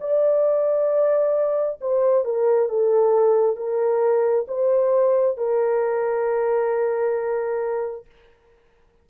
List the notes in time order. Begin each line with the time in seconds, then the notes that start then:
0.00 D5
1.81 C5
2.24 A#4
2.69 A4
3.56 A#4
4.47 C5
5.37 A#4